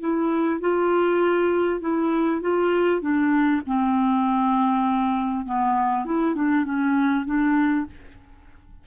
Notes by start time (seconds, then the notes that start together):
0.00 E4
0.60 F4
1.81 E4
2.41 F4
3.01 D4
3.66 C4
5.46 B3
6.05 E4
6.35 D4
6.65 C#4
7.26 D4